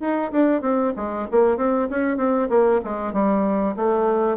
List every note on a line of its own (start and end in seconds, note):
0.00 0.31 D#4
0.32 0.62 D4
0.62 0.93 C4
0.96 1.28 G#3
1.31 1.57 A#3
1.57 1.88 C4
1.90 2.17 C#4
2.17 2.48 C4
2.49 2.81 A#3
2.84 3.13 G#3
3.13 3.76 G3
3.76 4.37 A3